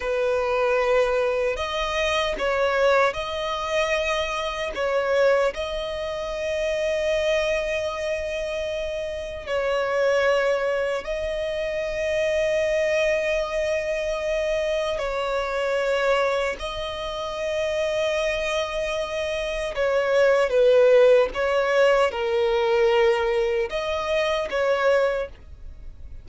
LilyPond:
\new Staff \with { instrumentName = "violin" } { \time 4/4 \tempo 4 = 76 b'2 dis''4 cis''4 | dis''2 cis''4 dis''4~ | dis''1 | cis''2 dis''2~ |
dis''2. cis''4~ | cis''4 dis''2.~ | dis''4 cis''4 b'4 cis''4 | ais'2 dis''4 cis''4 | }